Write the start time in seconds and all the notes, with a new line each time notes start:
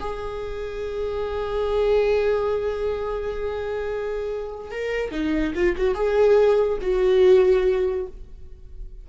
0.00 G#4
4.71 A#4
5.12 D#4
5.55 F4
5.77 F#4
5.95 G#4
6.82 F#4